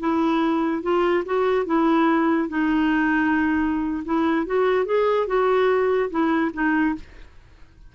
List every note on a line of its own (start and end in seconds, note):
0.00 0.83 E4
0.83 1.24 F4
1.26 1.66 F#4
1.66 2.49 E4
2.49 4.04 D#4
4.05 4.47 E4
4.47 4.86 F#4
4.86 5.27 G#4
5.27 6.10 F#4
6.10 6.52 E4
6.54 6.95 D#4